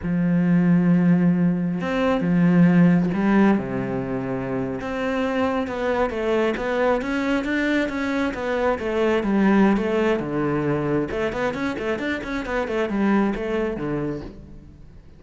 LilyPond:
\new Staff \with { instrumentName = "cello" } { \time 4/4 \tempo 4 = 135 f1 | c'4 f2 g4 | c2~ c8. c'4~ c'16~ | c'8. b4 a4 b4 cis'16~ |
cis'8. d'4 cis'4 b4 a16~ | a8. g4~ g16 a4 d4~ | d4 a8 b8 cis'8 a8 d'8 cis'8 | b8 a8 g4 a4 d4 | }